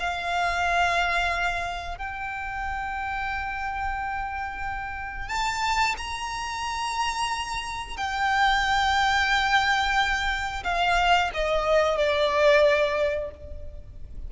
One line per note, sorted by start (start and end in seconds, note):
0.00 1.98 F5
1.98 5.29 G5
5.29 5.96 A5
5.98 7.97 A#5
7.97 10.64 G5
10.64 11.31 F5
11.35 11.98 D#5
11.98 13.31 D5